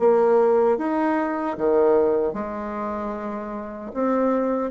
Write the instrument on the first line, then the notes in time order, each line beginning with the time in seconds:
bassoon
0.00 A#3
0.78 D#4
1.58 D#3
2.34 G#3
3.94 C4